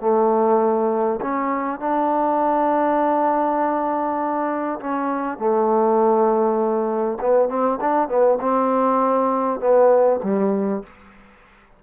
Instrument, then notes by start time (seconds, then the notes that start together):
trombone
0.00 A3
1.22 C#4
1.80 D4
4.80 C#4
5.38 A3
7.21 B3
7.49 C4
7.81 D4
8.08 B3
8.41 C4
9.60 B3
10.24 G3